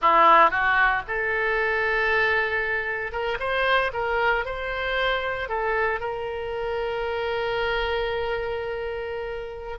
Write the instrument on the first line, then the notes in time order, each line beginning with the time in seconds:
oboe
0.01 E4
0.50 F#4
1.07 A4
3.12 A#4
3.39 C5
3.93 A#4
4.45 C5
5.49 A4
6.00 A#4